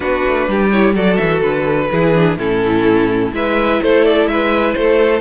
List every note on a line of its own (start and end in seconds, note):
0.00 0.23 B3
0.00 0.71 D4
0.00 0.48 F#4
0.00 0.68 B4
0.26 0.48 A3
0.48 0.94 G3
0.48 0.95 G4
0.71 0.94 E4
0.71 0.94 C#5
0.94 1.18 F#3
0.94 1.89 F#4
0.94 1.90 A4
0.94 1.16 D5
1.16 1.42 E3
1.16 1.40 E5
1.42 1.89 D3
1.42 2.37 B4
1.91 2.37 E3
1.91 2.14 E4
1.91 2.38 G#4
2.14 2.37 D4
2.37 3.32 A2
2.37 3.32 C#4
2.37 3.33 E4
2.37 3.33 A4
3.32 3.79 G#3
3.32 5.21 E4
3.32 3.82 B4
3.32 3.82 E5
3.82 4.26 A3
3.82 4.29 A4
3.82 4.04 C5
4.04 4.27 D5
4.26 4.74 G#3
4.26 4.77 B4
4.26 4.73 E5
4.73 5.21 A3
4.73 5.21 A4
4.73 5.21 C5